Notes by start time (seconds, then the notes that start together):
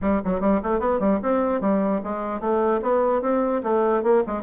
0.01 G3
0.24 F#3
0.40 G3
0.62 A3
0.79 B3
0.99 G3
1.22 C4
1.61 G3
2.03 G#3
2.40 A3
2.82 B3
3.21 C4
3.63 A3
4.03 A#3
4.26 G#3